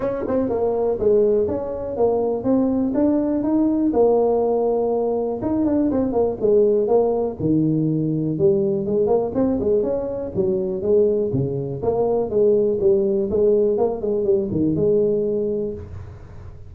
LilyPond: \new Staff \with { instrumentName = "tuba" } { \time 4/4 \tempo 4 = 122 cis'8 c'8 ais4 gis4 cis'4 | ais4 c'4 d'4 dis'4 | ais2. dis'8 d'8 | c'8 ais8 gis4 ais4 dis4~ |
dis4 g4 gis8 ais8 c'8 gis8 | cis'4 fis4 gis4 cis4 | ais4 gis4 g4 gis4 | ais8 gis8 g8 dis8 gis2 | }